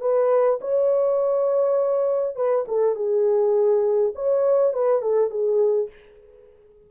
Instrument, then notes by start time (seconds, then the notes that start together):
horn
0.00 B4
0.60 C#5
2.35 B4
2.67 A4
2.95 G#4
4.14 C#5
4.73 B4
5.01 A4
5.30 G#4